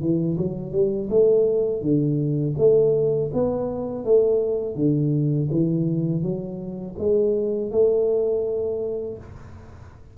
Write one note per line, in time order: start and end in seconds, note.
0.00 0.37 E3
0.38 0.72 F#3
0.72 1.08 G3
1.09 1.82 A3
1.82 2.55 D3
2.57 3.31 A3
3.33 4.04 B3
4.04 4.75 A3
4.75 5.48 D3
5.51 6.22 E3
6.22 6.95 F#3
6.98 7.71 G#3
7.71 9.18 A3